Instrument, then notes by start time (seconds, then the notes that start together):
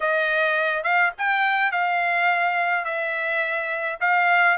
trumpet
0.00 D#5
0.83 F5
1.18 G5
1.71 F5
2.84 E5
4.00 F5